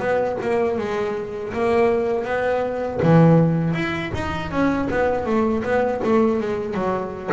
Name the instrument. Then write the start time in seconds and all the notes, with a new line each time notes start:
double bass
0.00 B3
0.42 A#3
0.78 G#3
1.54 A#3
2.25 B3
3.03 E3
3.74 E4
4.15 D#4
4.51 C#4
4.91 B3
5.26 A3
5.64 B3
6.04 A3
6.40 G#3
6.74 F#3